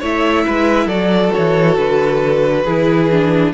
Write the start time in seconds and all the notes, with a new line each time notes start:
0.00 A3 E4 C#5 E5
0.47 G#3 B4
0.86 F#3 F#4 A4 D5
1.33 E3 C#5
1.77 D3 B4
2.64 E3 E4 G#4
3.11 D4